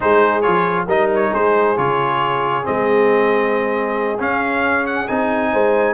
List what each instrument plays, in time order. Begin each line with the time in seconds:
0.00 tuba G#3, trombone D#4, horn G#4, trumpet C5
0.41 tuba F3, trombone F4, trumpet C#5
0.87 tuba G3, trombone D#4, horn A#4, trumpet D#5
1.15 trumpet C#5
1.31 tuba G#3, horn G#4, trumpet C5
1.76 tuba C#3, trombone F4, trumpet C#5
2.63 tuba G#3, trombone C4, trumpet D#5
4.19 trombone C#4, tuba C#4, trumpet F5
4.86 trumpet F#5
5.07 tuba C4, trombone D#4, trumpet G#5
5.52 tuba G#3, horn C5